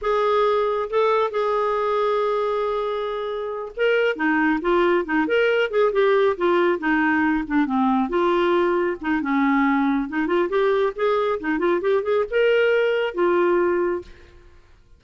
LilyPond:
\new Staff \with { instrumentName = "clarinet" } { \time 4/4 \tempo 4 = 137 gis'2 a'4 gis'4~ | gis'1~ | gis'8 ais'4 dis'4 f'4 dis'8 | ais'4 gis'8 g'4 f'4 dis'8~ |
dis'4 d'8 c'4 f'4.~ | f'8 dis'8 cis'2 dis'8 f'8 | g'4 gis'4 dis'8 f'8 g'8 gis'8 | ais'2 f'2 | }